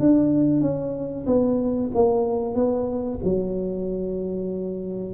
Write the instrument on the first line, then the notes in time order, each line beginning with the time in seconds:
tuba
0.00 D4
0.62 C#4
1.27 B3
1.95 A#3
2.55 B3
3.25 F#3